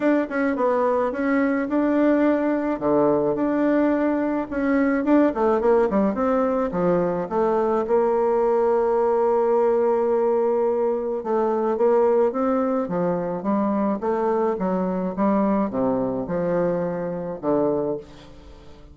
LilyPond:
\new Staff \with { instrumentName = "bassoon" } { \time 4/4 \tempo 4 = 107 d'8 cis'8 b4 cis'4 d'4~ | d'4 d4 d'2 | cis'4 d'8 a8 ais8 g8 c'4 | f4 a4 ais2~ |
ais1 | a4 ais4 c'4 f4 | g4 a4 fis4 g4 | c4 f2 d4 | }